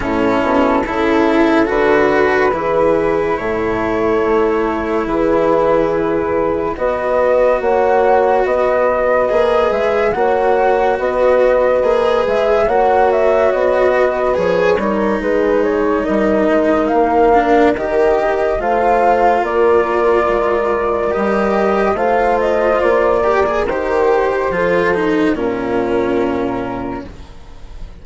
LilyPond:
<<
  \new Staff \with { instrumentName = "flute" } { \time 4/4 \tempo 4 = 71 a'2 b'2 | cis''2 b'2 | dis''4 fis''4 dis''4. e''8 | fis''4 dis''4. e''8 fis''8 e''8 |
dis''4 cis''4 b'8 cis''8 dis''4 | f''4 dis''4 f''4 d''4~ | d''4 dis''4 f''8 dis''8 d''4 | c''2 ais'2 | }
  \new Staff \with { instrumentName = "horn" } { \time 4/4 e'4 a'2 gis'4 | a'2 gis'2 | b'4 cis''4 b'2 | cis''4 b'2 cis''4~ |
cis''8 b'4 ais'8 gis'4 ais'4~ | ais'2 c''4 ais'4~ | ais'2 c''4. ais'8~ | ais'4 a'4 f'2 | }
  \new Staff \with { instrumentName = "cello" } { \time 4/4 cis'4 e'4 fis'4 e'4~ | e'1 | fis'2. gis'4 | fis'2 gis'4 fis'4~ |
fis'4 gis'8 dis'2~ dis'8~ | dis'8 d'8 g'4 f'2~ | f'4 g'4 f'4. g'16 gis'16 | g'4 f'8 dis'8 cis'2 | }
  \new Staff \with { instrumentName = "bassoon" } { \time 4/4 a,8 b,8 cis4 d4 e4 | a,4 a4 e2 | b4 ais4 b4 ais8 gis8 | ais4 b4 ais8 gis8 ais4 |
b4 f8 g8 gis4 g8 gis8 | ais4 dis4 a4 ais4 | gis4 g4 a4 ais4 | dis4 f4 ais,2 | }
>>